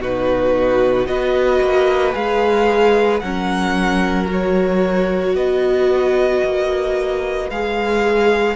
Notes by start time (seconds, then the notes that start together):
0.00 B2 D#4 F#4 B4
1.06 B3 F#4 B4 D#5
1.60 A#3
2.12 G#3 G#4 F5
3.19 F#3 C#4 A#4 F#5
4.26 F#4 C#5
5.34 B3 B4 D#5
6.44 A#3
7.50 G#3 G#4 F5